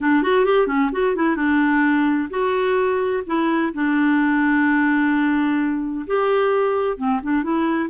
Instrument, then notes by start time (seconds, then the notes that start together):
clarinet
0.00 D4
0.22 F#4
0.45 G4
0.67 C#4
0.92 F#4
1.15 E4
1.36 D4
2.30 F#4
3.26 E4
3.73 D4
6.06 G4
6.97 C4
7.23 D4
7.43 E4